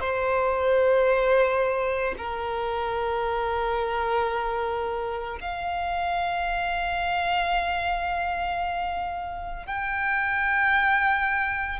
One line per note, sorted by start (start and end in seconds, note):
0.00 2.14 C5
2.18 5.39 A#4
5.41 9.66 F5
9.66 11.80 G5